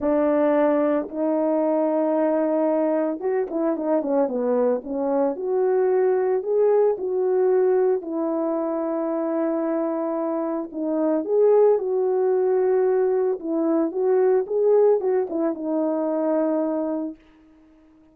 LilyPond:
\new Staff \with { instrumentName = "horn" } { \time 4/4 \tempo 4 = 112 d'2 dis'2~ | dis'2 fis'8 e'8 dis'8 cis'8 | b4 cis'4 fis'2 | gis'4 fis'2 e'4~ |
e'1 | dis'4 gis'4 fis'2~ | fis'4 e'4 fis'4 gis'4 | fis'8 e'8 dis'2. | }